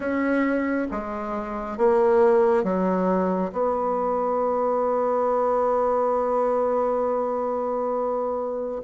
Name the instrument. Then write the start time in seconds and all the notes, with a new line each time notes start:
bassoon
0.00 C#4
0.91 G#3
1.77 A#3
2.63 F#3
3.52 B3